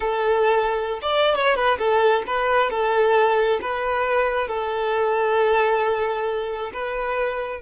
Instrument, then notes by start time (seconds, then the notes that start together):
violin
0.00 A4
1.02 D5
1.35 C#5
1.55 B4
1.78 A4
2.26 B4
2.70 A4
3.61 B4
4.48 A4
6.73 B4